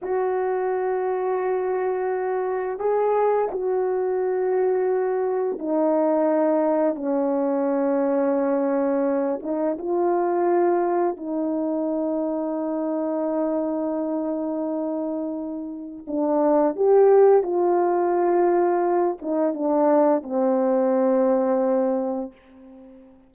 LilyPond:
\new Staff \with { instrumentName = "horn" } { \time 4/4 \tempo 4 = 86 fis'1 | gis'4 fis'2. | dis'2 cis'2~ | cis'4. dis'8 f'2 |
dis'1~ | dis'2. d'4 | g'4 f'2~ f'8 dis'8 | d'4 c'2. | }